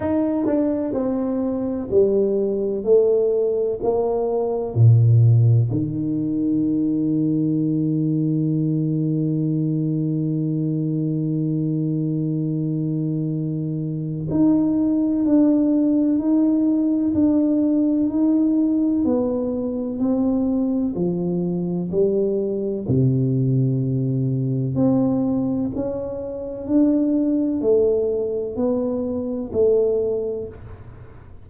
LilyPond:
\new Staff \with { instrumentName = "tuba" } { \time 4/4 \tempo 4 = 63 dis'8 d'8 c'4 g4 a4 | ais4 ais,4 dis2~ | dis1~ | dis2. dis'4 |
d'4 dis'4 d'4 dis'4 | b4 c'4 f4 g4 | c2 c'4 cis'4 | d'4 a4 b4 a4 | }